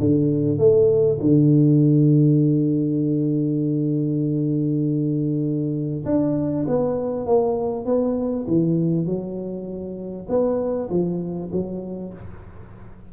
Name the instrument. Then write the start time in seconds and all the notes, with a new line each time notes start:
tuba
0.00 D3
0.58 A3
1.20 D3
6.05 D4
6.67 B3
7.26 A#3
7.85 B3
8.47 E3
9.06 F#3
10.29 B3
10.90 F3
11.52 F#3